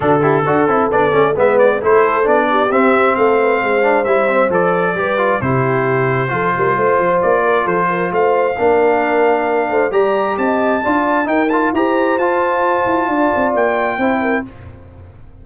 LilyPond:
<<
  \new Staff \with { instrumentName = "trumpet" } { \time 4/4 \tempo 4 = 133 a'2 d''4 e''8 d''8 | c''4 d''4 e''4 f''4~ | f''4 e''4 d''2 | c''1 |
d''4 c''4 f''2~ | f''2 ais''4 a''4~ | a''4 g''8 a''8 ais''4 a''4~ | a''2 g''2 | }
  \new Staff \with { instrumentName = "horn" } { \time 4/4 fis'8 g'8 a'2 b'4 | a'4. g'4. a'8 b'8 | c''2. b'4 | g'2 a'8 ais'8 c''4~ |
c''8 ais'8 a'8 ais'8 c''4 ais'4~ | ais'4. c''8 d''4 dis''4 | d''4 ais'4 c''2~ | c''4 d''2 c''8 ais'8 | }
  \new Staff \with { instrumentName = "trombone" } { \time 4/4 d'8 e'8 fis'8 e'8 d'8 cis'8 b4 | e'4 d'4 c'2~ | c'8 d'8 e'8 c'8 a'4 g'8 f'8 | e'2 f'2~ |
f'2. d'4~ | d'2 g'2 | f'4 dis'8 f'8 g'4 f'4~ | f'2. e'4 | }
  \new Staff \with { instrumentName = "tuba" } { \time 4/4 d4 d'8 c'8 b8 a8 gis4 | a4 b4 c'4 a4 | gis4 g4 f4 g4 | c2 f8 g8 a8 f8 |
ais4 f4 a4 ais4~ | ais4. a8 g4 c'4 | d'4 dis'4 e'4 f'4~ | f'8 e'8 d'8 c'8 ais4 c'4 | }
>>